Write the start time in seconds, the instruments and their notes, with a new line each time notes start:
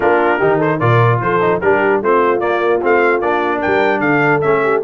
0.00 tuba A#3, trombone D4, horn F4, trumpet A#4
0.38 tuba D#3, trombone D#4, horn G4
0.57 horn A4, trumpet C5
0.79 tuba A#2, trombone F4, horn A#4, trumpet D5
1.20 tuba F3, horn A4, trumpet C5
1.40 trombone D#4
1.61 tuba G3, trombone D4, horn G4, trumpet A#4
2.01 tuba A3, trombone C4, horn F4, trumpet C5
2.40 trombone A#3, tuba A#3, trumpet D5
2.81 tuba A3, trombone C4, trumpet F5
3.20 tuba A#3, trombone D4, trumpet D5
3.60 horn A#4, trumpet G5
3.66 tuba G3
3.99 tuba D3, horn A4, trumpet F5
4.41 tuba A3, trombone C#4, trumpet E5
4.63 horn G4